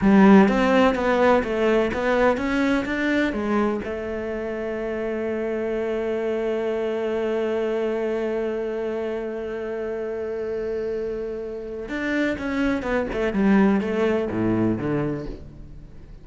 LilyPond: \new Staff \with { instrumentName = "cello" } { \time 4/4 \tempo 4 = 126 g4 c'4 b4 a4 | b4 cis'4 d'4 gis4 | a1~ | a1~ |
a1~ | a1~ | a4 d'4 cis'4 b8 a8 | g4 a4 a,4 d4 | }